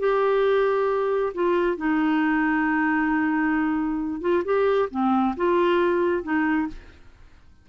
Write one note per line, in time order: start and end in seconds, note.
0.00 1.33 G4
1.35 1.77 F4
1.77 4.22 D#4
4.22 4.44 F4
4.45 4.89 G4
4.91 5.36 C4
5.37 6.23 F4
6.23 6.68 D#4